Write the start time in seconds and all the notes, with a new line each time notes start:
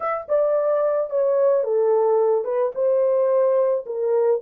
0.00 E5
0.28 D5
1.09 C#5
1.63 A4
2.44 B4
2.74 C5
3.86 A#4